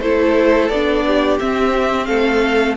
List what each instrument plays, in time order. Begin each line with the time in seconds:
0.00 cello A3, viola E4, violin A4 C5
0.69 cello B3, viola D4, violin D5
1.06 violin G4
1.39 viola C4, cello C4, violin E5
2.05 cello A3, violin A4 F5